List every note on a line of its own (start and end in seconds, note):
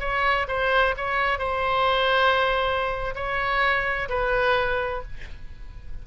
0.00 0.47 C#5
0.48 0.95 C5
0.97 1.39 C#5
1.39 3.14 C5
3.15 4.09 C#5
4.09 5.03 B4